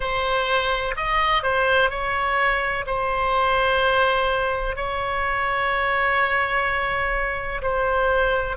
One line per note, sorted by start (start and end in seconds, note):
0.00 0.94 C5
0.96 1.42 D#5
1.42 1.90 C5
1.90 2.85 C#5
2.86 4.76 C5
4.76 7.61 C#5
7.61 8.56 C5